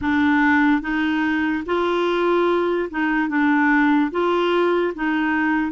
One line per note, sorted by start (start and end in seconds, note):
0.01 0.81 D4
0.81 1.64 D#4
1.66 2.89 F4
2.90 3.28 D#4
3.28 4.11 D4
4.11 4.93 F4
4.95 5.71 D#4